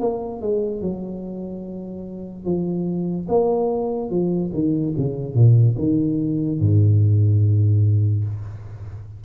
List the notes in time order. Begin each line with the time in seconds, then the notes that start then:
0.00 A#3
0.41 G#3
0.81 F#3
2.45 F3
3.28 A#3
4.09 F3
4.53 D#3
4.97 C#3
5.34 A#2
5.78 D#3
6.60 G#2